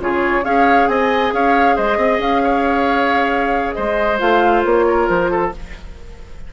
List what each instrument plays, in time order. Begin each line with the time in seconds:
0.00 bassoon C#3, clarinet F4, oboe G#4, flute C#5
0.45 bassoon C#4, clarinet G#4, oboe C#5, flute F5
0.88 bassoon C4, oboe D#5, flute G#5
1.32 bassoon C#4, oboe C#5, flute F5
1.76 bassoon G#3, oboe C5, flute D#5
1.97 bassoon C4, oboe D#5
2.19 bassoon C#4, flute F5
2.44 oboe C#5
3.74 bassoon G#3, oboe C5, flute D#5
4.19 bassoon A3, clarinet F4, flute F5
4.65 bassoon A#3, flute C#5
4.88 oboe A#4
5.08 bassoon F3, flute C5
5.31 oboe A4